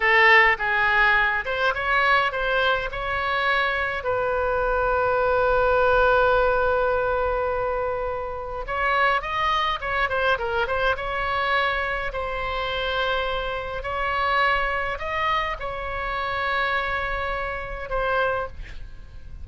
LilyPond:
\new Staff \with { instrumentName = "oboe" } { \time 4/4 \tempo 4 = 104 a'4 gis'4. c''8 cis''4 | c''4 cis''2 b'4~ | b'1~ | b'2. cis''4 |
dis''4 cis''8 c''8 ais'8 c''8 cis''4~ | cis''4 c''2. | cis''2 dis''4 cis''4~ | cis''2. c''4 | }